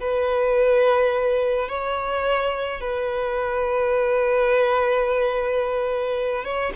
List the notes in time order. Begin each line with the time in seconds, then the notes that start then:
0.00 B4
1.68 C#5
2.80 B4
6.44 C#5